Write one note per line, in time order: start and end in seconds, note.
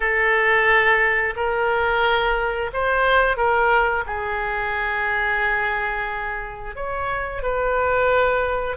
0.00 1.34 A4
1.35 2.70 A#4
2.73 3.36 C5
3.36 4.04 A#4
4.06 6.75 G#4
6.75 7.42 C#5
7.42 8.76 B4